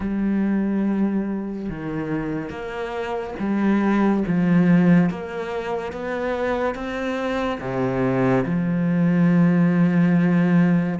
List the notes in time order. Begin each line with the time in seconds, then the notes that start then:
0.00 G3
1.69 D#3
2.49 A#3
3.39 G3
4.27 F3
5.09 A#3
5.92 B3
6.75 C4
7.60 C3
8.45 F3